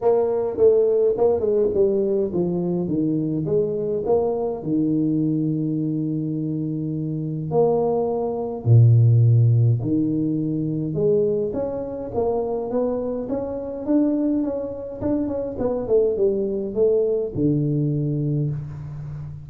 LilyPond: \new Staff \with { instrumentName = "tuba" } { \time 4/4 \tempo 4 = 104 ais4 a4 ais8 gis8 g4 | f4 dis4 gis4 ais4 | dis1~ | dis4 ais2 ais,4~ |
ais,4 dis2 gis4 | cis'4 ais4 b4 cis'4 | d'4 cis'4 d'8 cis'8 b8 a8 | g4 a4 d2 | }